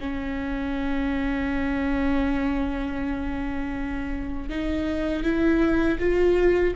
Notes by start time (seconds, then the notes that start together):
0.00 C#4
4.49 D#4
5.23 E4
5.99 F4